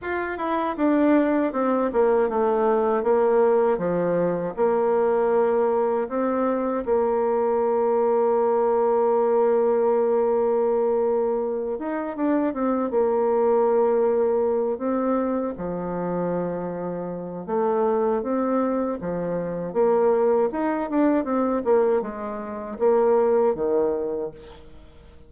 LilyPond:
\new Staff \with { instrumentName = "bassoon" } { \time 4/4 \tempo 4 = 79 f'8 e'8 d'4 c'8 ais8 a4 | ais4 f4 ais2 | c'4 ais2.~ | ais2.~ ais8 dis'8 |
d'8 c'8 ais2~ ais8 c'8~ | c'8 f2~ f8 a4 | c'4 f4 ais4 dis'8 d'8 | c'8 ais8 gis4 ais4 dis4 | }